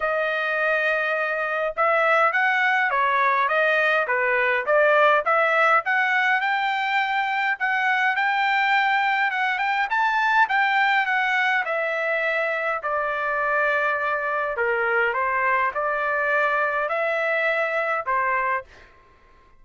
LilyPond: \new Staff \with { instrumentName = "trumpet" } { \time 4/4 \tempo 4 = 103 dis''2. e''4 | fis''4 cis''4 dis''4 b'4 | d''4 e''4 fis''4 g''4~ | g''4 fis''4 g''2 |
fis''8 g''8 a''4 g''4 fis''4 | e''2 d''2~ | d''4 ais'4 c''4 d''4~ | d''4 e''2 c''4 | }